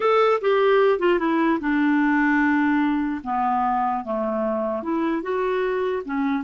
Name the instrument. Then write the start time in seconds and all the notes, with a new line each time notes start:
clarinet
0.00 A4
0.41 G4
0.99 F4
1.19 E4
1.60 D4
3.23 B3
4.04 A3
4.82 E4
5.22 F#4
6.05 C#4